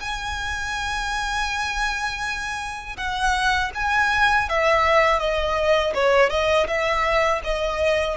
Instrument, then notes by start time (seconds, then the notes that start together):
violin
0.00 G#5
2.96 F#5
3.74 G#5
4.49 E5
5.19 D#5
5.94 C#5
6.30 D#5
6.67 E5
7.43 D#5